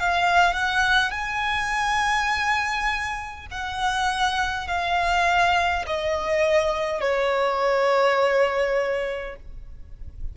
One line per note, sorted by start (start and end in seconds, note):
0.00 0.53 F5
0.53 1.12 F#5
1.12 3.47 G#5
3.51 4.68 F#5
4.68 5.86 F5
5.87 7.01 D#5
7.01 9.36 C#5